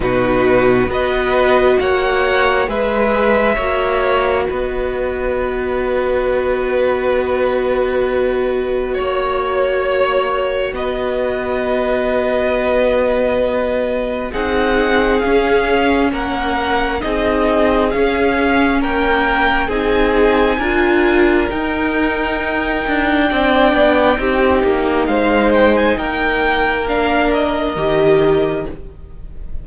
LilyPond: <<
  \new Staff \with { instrumentName = "violin" } { \time 4/4 \tempo 4 = 67 b'4 dis''4 fis''4 e''4~ | e''4 dis''2.~ | dis''2 cis''2 | dis''1 |
fis''4 f''4 fis''4 dis''4 | f''4 g''4 gis''2 | g''1 | f''8 g''16 gis''16 g''4 f''8 dis''4. | }
  \new Staff \with { instrumentName = "violin" } { \time 4/4 fis'4 b'4 cis''4 b'4 | cis''4 b'2.~ | b'2 cis''2 | b'1 |
gis'2 ais'4 gis'4~ | gis'4 ais'4 gis'4 ais'4~ | ais'2 d''4 g'4 | c''4 ais'2. | }
  \new Staff \with { instrumentName = "viola" } { \time 4/4 dis'4 fis'2 gis'4 | fis'1~ | fis'1~ | fis'1 |
dis'4 cis'2 dis'4 | cis'2 dis'4 f'4 | dis'2 d'4 dis'4~ | dis'2 d'4 g'4 | }
  \new Staff \with { instrumentName = "cello" } { \time 4/4 b,4 b4 ais4 gis4 | ais4 b2.~ | b2 ais2 | b1 |
c'4 cis'4 ais4 c'4 | cis'4 ais4 c'4 d'4 | dis'4. d'8 c'8 b8 c'8 ais8 | gis4 ais2 dis4 | }
>>